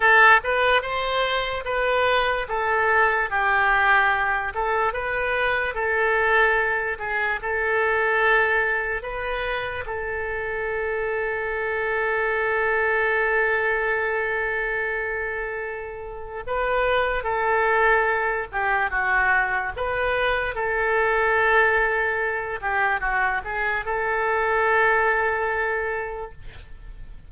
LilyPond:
\new Staff \with { instrumentName = "oboe" } { \time 4/4 \tempo 4 = 73 a'8 b'8 c''4 b'4 a'4 | g'4. a'8 b'4 a'4~ | a'8 gis'8 a'2 b'4 | a'1~ |
a'1 | b'4 a'4. g'8 fis'4 | b'4 a'2~ a'8 g'8 | fis'8 gis'8 a'2. | }